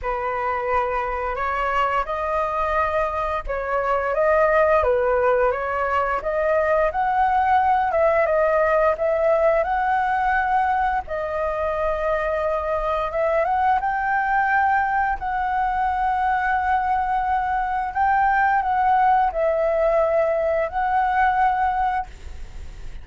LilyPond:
\new Staff \with { instrumentName = "flute" } { \time 4/4 \tempo 4 = 87 b'2 cis''4 dis''4~ | dis''4 cis''4 dis''4 b'4 | cis''4 dis''4 fis''4. e''8 | dis''4 e''4 fis''2 |
dis''2. e''8 fis''8 | g''2 fis''2~ | fis''2 g''4 fis''4 | e''2 fis''2 | }